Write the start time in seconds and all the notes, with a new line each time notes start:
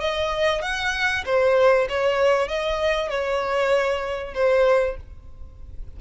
0.00 D#5
0.62 F#5
1.25 C5
1.89 C#5
2.48 D#5
3.09 C#5
4.34 C5